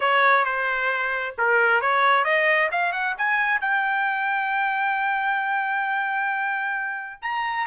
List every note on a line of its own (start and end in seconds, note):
0.00 0.44 C#5
0.44 1.35 C5
1.38 1.81 A#4
1.81 2.24 C#5
2.24 2.69 D#5
2.71 2.92 F5
2.92 3.15 F#5
3.17 3.60 G#5
3.60 7.21 G5
7.22 7.66 A#5